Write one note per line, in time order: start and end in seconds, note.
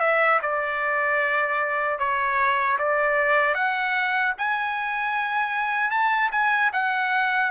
0.00 0.39 E5
0.42 1.99 D5
1.99 2.78 C#5
2.78 3.54 D5
3.54 4.33 F#5
4.38 5.90 G#5
5.90 6.30 A5
6.31 6.71 G#5
6.73 7.51 F#5